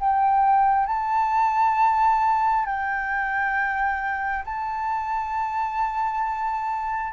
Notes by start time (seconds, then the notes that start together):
0.00 G5
0.87 A5
2.66 G5
4.45 A5